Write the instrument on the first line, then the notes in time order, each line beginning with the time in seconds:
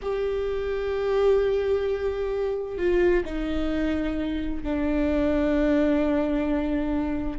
viola
0.02 G4
2.77 F4
3.25 D#4
4.63 D4